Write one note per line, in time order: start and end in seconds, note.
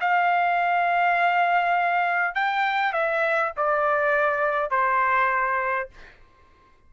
0.00 2.35 F5
2.35 2.93 G5
2.93 3.52 E5
3.56 4.70 D5
4.70 5.89 C5